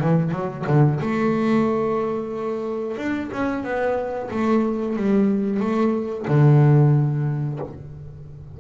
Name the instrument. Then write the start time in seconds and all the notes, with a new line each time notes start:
double bass
0.00 E3
0.31 F#3
0.67 D3
1.00 A3
2.97 D4
3.32 C#4
3.64 B3
4.30 A3
4.96 G3
5.60 A3
6.28 D3